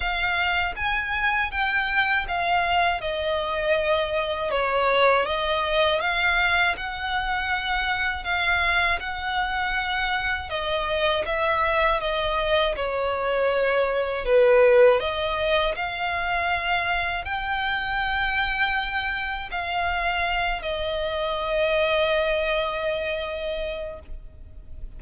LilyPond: \new Staff \with { instrumentName = "violin" } { \time 4/4 \tempo 4 = 80 f''4 gis''4 g''4 f''4 | dis''2 cis''4 dis''4 | f''4 fis''2 f''4 | fis''2 dis''4 e''4 |
dis''4 cis''2 b'4 | dis''4 f''2 g''4~ | g''2 f''4. dis''8~ | dis''1 | }